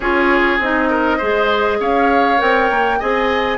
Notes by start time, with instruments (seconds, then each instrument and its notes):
0.00 bassoon C#4, clarinet F4, oboe G#4, flute C#5
0.59 bassoon C4, clarinet D#4, flute D#5
0.89 oboe A#4
1.17 bassoon G#3, clarinet G#4, oboe C5
1.80 bassoon C#4, oboe C#5, flute F5
2.38 bassoon C4, clarinet A#4, flute G5
2.70 bassoon A#3
2.99 bassoon C4, clarinet G#4, oboe D#5, flute G#5